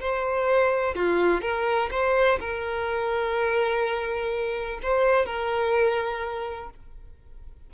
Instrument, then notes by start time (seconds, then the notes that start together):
violin
0.00 C5
0.95 F4
1.41 A#4
1.91 C5
2.40 A#4
4.82 C5
5.26 A#4